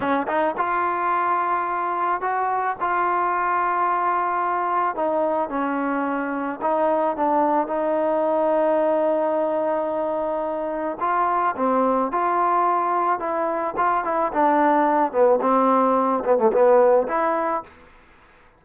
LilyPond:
\new Staff \with { instrumentName = "trombone" } { \time 4/4 \tempo 4 = 109 cis'8 dis'8 f'2. | fis'4 f'2.~ | f'4 dis'4 cis'2 | dis'4 d'4 dis'2~ |
dis'1 | f'4 c'4 f'2 | e'4 f'8 e'8 d'4. b8 | c'4. b16 a16 b4 e'4 | }